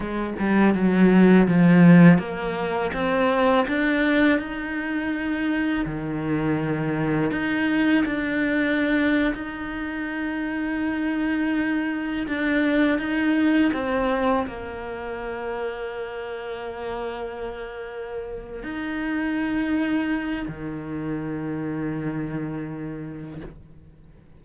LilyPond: \new Staff \with { instrumentName = "cello" } { \time 4/4 \tempo 4 = 82 gis8 g8 fis4 f4 ais4 | c'4 d'4 dis'2 | dis2 dis'4 d'4~ | d'8. dis'2.~ dis'16~ |
dis'8. d'4 dis'4 c'4 ais16~ | ais1~ | ais4. dis'2~ dis'8 | dis1 | }